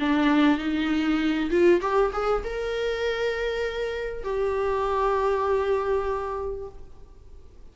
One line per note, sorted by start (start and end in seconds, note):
0.00 0.58 D4
0.58 1.50 D#4
1.51 1.81 F4
1.81 2.12 G4
2.13 2.44 G#4
2.44 4.24 A#4
4.24 6.69 G4